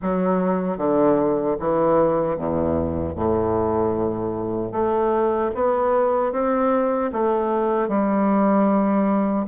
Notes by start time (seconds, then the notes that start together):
0.02 F#3
0.77 D3
1.59 E3
2.36 E2
3.15 A2
4.72 A3
5.54 B3
6.32 C4
7.12 A3
7.88 G3